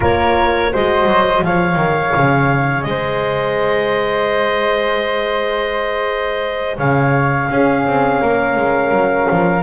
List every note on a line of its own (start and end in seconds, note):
0.00 0.73 A#3
0.00 0.72 F4
0.00 0.71 A#4
0.00 0.74 C#5
0.72 1.05 G#3
0.72 1.44 F#4
0.72 1.43 C5
0.72 1.44 D#5
1.05 1.41 F#3
1.42 1.75 F3
1.42 7.49 G#4
1.42 2.88 C#5
1.42 2.82 F5
1.75 2.11 D#3
2.16 2.85 C#3
2.82 6.78 G#3
2.82 6.77 C5
2.82 6.75 D#5
6.77 7.49 C#3
6.77 7.49 C#5
6.77 9.63 F5
7.49 9.63 C#4
7.49 7.85 C#4
7.49 8.21 G#4
7.86 8.21 C4
8.21 8.56 A#3
8.21 9.63 A#4
8.56 8.91 G#3
8.91 9.26 F#3
9.30 9.63 F3